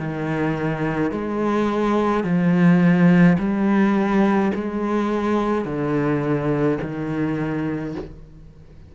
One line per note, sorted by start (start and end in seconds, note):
0.00 1.12 D#3
1.12 2.24 G#3
2.24 3.37 F3
3.39 4.52 G3
4.55 5.66 G#3
5.66 6.79 D3
6.82 7.96 D#3